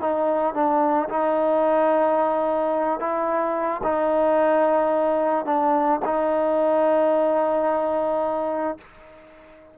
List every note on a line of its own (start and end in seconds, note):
0.00 0.54 D#4
0.54 1.08 D4
1.09 2.99 D#4
2.99 3.81 E4
3.83 5.45 D#4
5.45 6.00 D4
6.05 8.77 D#4